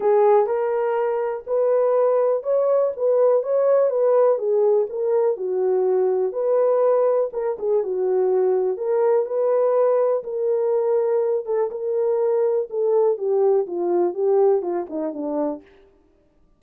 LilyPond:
\new Staff \with { instrumentName = "horn" } { \time 4/4 \tempo 4 = 123 gis'4 ais'2 b'4~ | b'4 cis''4 b'4 cis''4 | b'4 gis'4 ais'4 fis'4~ | fis'4 b'2 ais'8 gis'8 |
fis'2 ais'4 b'4~ | b'4 ais'2~ ais'8 a'8 | ais'2 a'4 g'4 | f'4 g'4 f'8 dis'8 d'4 | }